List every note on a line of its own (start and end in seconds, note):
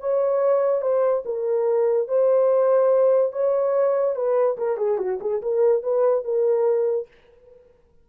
0.00 0.82 C#5
0.82 1.23 C5
1.26 2.08 A#4
2.08 3.33 C5
3.33 4.16 C#5
4.16 4.58 B4
4.58 4.77 A#4
4.77 4.98 G#4
4.98 5.19 F#4
5.21 5.42 G#4
5.42 5.83 A#4
5.83 6.25 B4
6.25 7.08 A#4